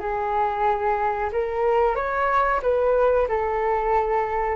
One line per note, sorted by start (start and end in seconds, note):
0.00 1.30 G#4
1.33 1.96 A#4
1.96 2.61 C#5
2.63 3.28 B4
3.28 4.56 A4